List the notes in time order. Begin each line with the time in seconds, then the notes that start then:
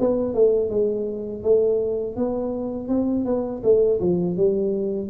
0.00 B3
0.35 A3
0.70 G#3
1.43 A3
2.17 B3
2.89 C4
3.26 B3
3.64 A3
4.01 F3
4.37 G3